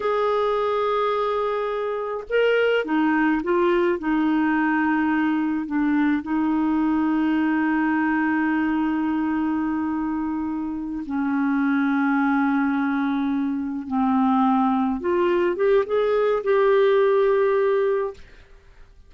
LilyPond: \new Staff \with { instrumentName = "clarinet" } { \time 4/4 \tempo 4 = 106 gis'1 | ais'4 dis'4 f'4 dis'4~ | dis'2 d'4 dis'4~ | dis'1~ |
dis'2.~ dis'8 cis'8~ | cis'1~ | cis'8 c'2 f'4 g'8 | gis'4 g'2. | }